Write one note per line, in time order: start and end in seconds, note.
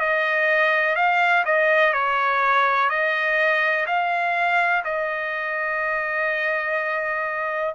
0.00 0.96 D#5
0.96 1.44 F5
1.45 1.94 D#5
1.94 2.90 C#5
2.90 3.87 D#5
3.87 4.84 F5
4.85 7.75 D#5